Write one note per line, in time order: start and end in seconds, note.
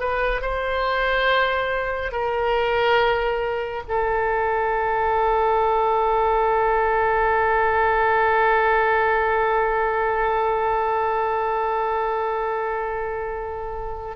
0.00 0.42 B4
0.42 2.12 C5
2.12 3.83 A#4
3.89 14.17 A4